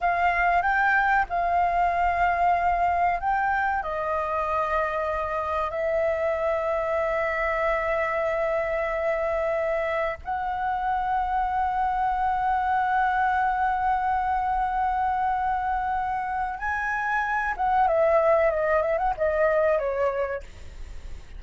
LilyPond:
\new Staff \with { instrumentName = "flute" } { \time 4/4 \tempo 4 = 94 f''4 g''4 f''2~ | f''4 g''4 dis''2~ | dis''4 e''2.~ | e''1 |
fis''1~ | fis''1~ | fis''2 gis''4. fis''8 | e''4 dis''8 e''16 fis''16 dis''4 cis''4 | }